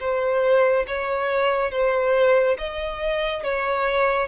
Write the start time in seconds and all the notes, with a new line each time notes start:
0.00 C5
0.87 C#5
1.71 C5
2.58 D#5
3.44 C#5